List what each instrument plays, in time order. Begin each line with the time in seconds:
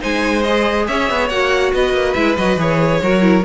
0.00 cello G#3, viola D#4, violin C5 G#5
0.43 viola G#4, violin D#5
0.88 cello C#4, violin C#5 E5
1.10 cello B3
1.29 cello A#3, viola F#4, violin F#5
1.73 cello B3, violin B4 D#5
1.93 cello A#3
2.14 cello G#3, viola E4, violin E5
2.38 cello F#3, viola F#4, violin D#5
2.57 cello E3, viola G#4, violin C#5
3.03 cello F#3, viola F#4, violin A#4
3.22 viola E4